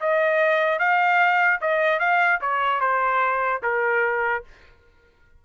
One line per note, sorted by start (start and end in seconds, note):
0.00 0.79 D#5
0.79 1.60 F5
1.61 1.99 D#5
1.99 2.40 F5
2.41 2.80 C#5
2.80 3.61 C5
3.62 4.43 A#4